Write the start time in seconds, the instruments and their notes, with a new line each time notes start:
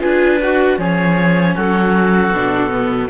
0.00 cello D4, viola F4, oboe G#4, clarinet B4
0.42 oboe F#4, viola F#4
0.78 cello F3, viola C#4, oboe G#4, clarinet C#5
1.56 cello F#3, oboe F#4, clarinet A4
2.31 cello B2, viola D4
2.71 viola B3